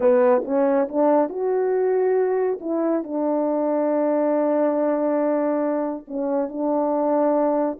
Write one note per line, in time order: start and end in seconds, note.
0.00 0.43 B3
0.44 0.88 C#4
0.88 1.29 D4
1.29 2.58 F#4
2.60 3.03 E4
3.03 6.05 D4
6.07 6.49 C#4
6.49 7.78 D4